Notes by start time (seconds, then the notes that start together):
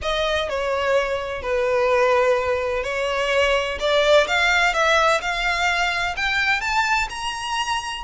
0.02 D#5
0.49 C#5
1.42 B4
2.83 C#5
3.79 D5
4.27 F5
4.73 E5
5.21 F5
6.16 G5
6.60 A5
7.09 A#5